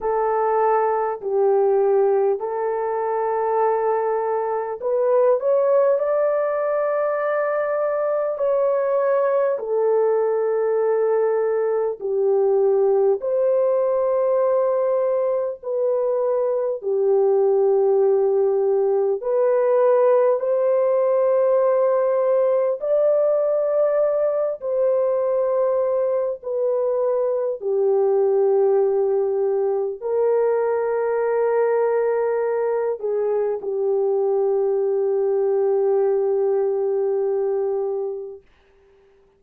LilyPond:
\new Staff \with { instrumentName = "horn" } { \time 4/4 \tempo 4 = 50 a'4 g'4 a'2 | b'8 cis''8 d''2 cis''4 | a'2 g'4 c''4~ | c''4 b'4 g'2 |
b'4 c''2 d''4~ | d''8 c''4. b'4 g'4~ | g'4 ais'2~ ais'8 gis'8 | g'1 | }